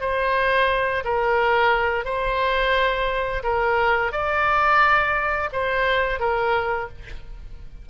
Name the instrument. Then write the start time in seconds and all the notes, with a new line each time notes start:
oboe
0.00 C5
1.04 A#4
2.05 C5
3.43 A#4
4.12 D5
5.52 C5
6.19 A#4